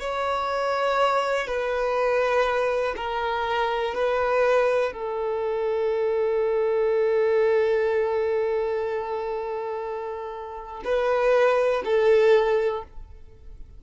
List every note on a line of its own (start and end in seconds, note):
0.00 1.47 C#5
1.47 2.95 B4
2.96 3.95 A#4
3.95 4.93 B4
4.93 10.83 A4
10.84 11.83 B4
11.85 12.83 A4